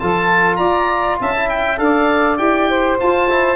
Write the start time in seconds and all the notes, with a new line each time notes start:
0.00 F3 F4 A4 A5
0.56 F4 D5 A#5
1.21 C#4 E5 A5
1.36 E4
1.49 G5
1.78 D4 A4 D5 F5
2.38 E4 G4 G5
2.70 C5
2.98 F4 A5
3.30 E4